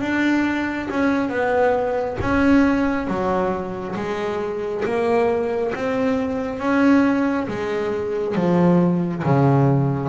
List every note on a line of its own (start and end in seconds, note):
0.00 0.88 D4
0.90 1.29 C#4
1.29 2.17 B3
2.21 3.07 C#4
3.07 3.95 F#3
3.95 4.84 G#3
4.84 5.73 A#3
5.75 6.59 C4
6.59 7.47 C#4
7.47 8.35 G#3
8.35 9.23 F3
9.24 10.09 C#3